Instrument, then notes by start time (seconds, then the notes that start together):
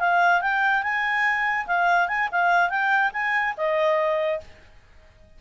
clarinet
0.00 F5
0.41 G5
0.83 G#5
1.67 F5
2.08 G#5
2.32 F5
2.70 G5
3.13 G#5
3.57 D#5